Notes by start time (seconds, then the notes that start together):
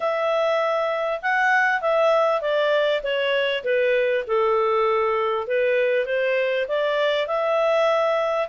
0.00 E5
1.21 F#5
1.81 E5
2.41 D5
3.03 C#5
3.64 B4
4.27 A4
5.47 B4
6.05 C5
6.67 D5
7.27 E5